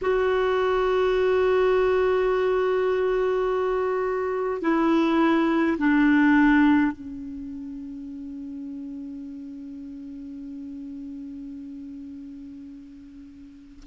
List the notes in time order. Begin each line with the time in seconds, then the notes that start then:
0.01 F#4
4.62 E4
5.78 D4
6.91 C#4